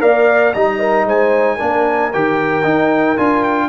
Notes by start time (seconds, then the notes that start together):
0.00 A#3 A#4 D5 F5
0.53 G3 D#4 D#5 A#5
0.79 A#4
1.05 G#3 C5 G#5
1.56 A#3 D4 A#4
2.12 D#3 G4 G5
2.63 D#4
3.17 D4 F4 G#5
3.43 G5